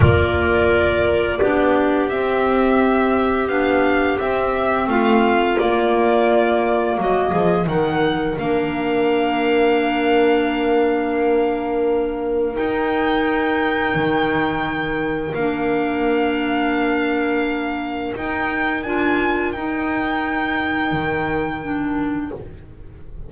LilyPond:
<<
  \new Staff \with { instrumentName = "violin" } { \time 4/4 \tempo 4 = 86 d''2. e''4~ | e''4 f''4 e''4 f''4 | d''2 dis''4 fis''4 | f''1~ |
f''2 g''2~ | g''2 f''2~ | f''2 g''4 gis''4 | g''1 | }
  \new Staff \with { instrumentName = "clarinet" } { \time 4/4 ais'2 g'2~ | g'2. f'4~ | f'2 fis'8 gis'8 ais'4~ | ais'1~ |
ais'1~ | ais'1~ | ais'1~ | ais'1 | }
  \new Staff \with { instrumentName = "clarinet" } { \time 4/4 f'2 d'4 c'4~ | c'4 d'4 c'2 | ais2. dis'4 | d'1~ |
d'2 dis'2~ | dis'2 d'2~ | d'2 dis'4 f'4 | dis'2. d'4 | }
  \new Staff \with { instrumentName = "double bass" } { \time 4/4 ais2 b4 c'4~ | c'4 b4 c'4 a4 | ais2 fis8 f8 dis4 | ais1~ |
ais2 dis'2 | dis2 ais2~ | ais2 dis'4 d'4 | dis'2 dis2 | }
>>